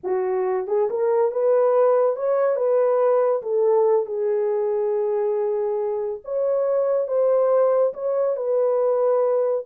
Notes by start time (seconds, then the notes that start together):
0.03 F#4
0.67 G#4
0.89 A#4
1.31 B4
2.16 C#5
2.56 B4
3.42 A4
4.06 G#4
6.24 C#5
7.07 C5
7.93 C#5
8.36 B4